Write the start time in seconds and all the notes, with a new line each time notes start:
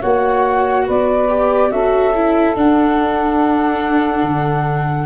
0.00 A#3 F#4 C#5 F#5
0.86 B3 B4 D5
1.29 G4
1.71 C#4 F#4 A4 E5
2.15 E4
2.56 D4 F#5
4.23 D3